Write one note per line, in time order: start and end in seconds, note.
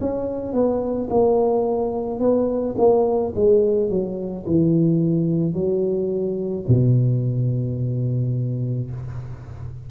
0.00 0.53 C#4
0.53 1.08 B3
1.10 2.20 A#3
2.20 2.75 B3
2.77 3.33 A#3
3.35 3.89 G#3
3.89 4.45 F#3
4.46 5.54 E3
5.54 6.65 F#3
6.68 8.90 B2